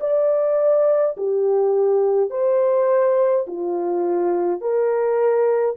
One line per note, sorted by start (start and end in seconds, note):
0.00 1.15 D5
1.17 2.30 G4
2.30 3.46 C5
3.47 4.61 F4
4.61 5.76 A#4